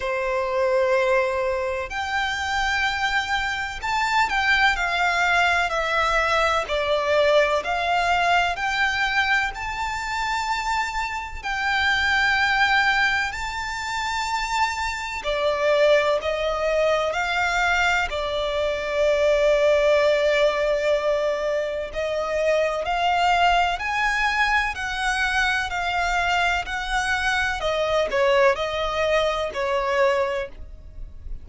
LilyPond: \new Staff \with { instrumentName = "violin" } { \time 4/4 \tempo 4 = 63 c''2 g''2 | a''8 g''8 f''4 e''4 d''4 | f''4 g''4 a''2 | g''2 a''2 |
d''4 dis''4 f''4 d''4~ | d''2. dis''4 | f''4 gis''4 fis''4 f''4 | fis''4 dis''8 cis''8 dis''4 cis''4 | }